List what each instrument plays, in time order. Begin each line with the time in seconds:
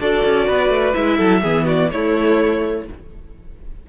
0.00 cello D4, viola F#4, violin A4 D5
0.25 cello C#4
0.46 cello B3, violin B4
0.69 cello A3
0.93 cello G#3, viola E4, violin E5
1.17 cello F#3, violin A4
1.41 cello E3, viola B3, violin G#4
1.65 violin F#4 D5
1.90 cello A3, viola A3, violin E4 C#5